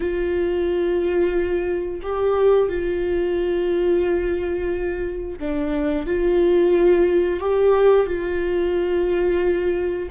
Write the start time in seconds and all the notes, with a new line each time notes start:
0.00 F4
2.02 G4
2.68 F4
5.39 D4
6.06 F4
7.40 G4
8.06 F4